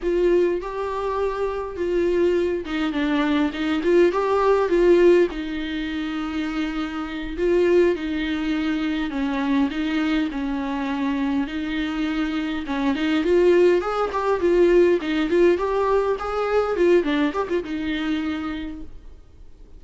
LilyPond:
\new Staff \with { instrumentName = "viola" } { \time 4/4 \tempo 4 = 102 f'4 g'2 f'4~ | f'8 dis'8 d'4 dis'8 f'8 g'4 | f'4 dis'2.~ | dis'8 f'4 dis'2 cis'8~ |
cis'8 dis'4 cis'2 dis'8~ | dis'4. cis'8 dis'8 f'4 gis'8 | g'8 f'4 dis'8 f'8 g'4 gis'8~ | gis'8 f'8 d'8 g'16 f'16 dis'2 | }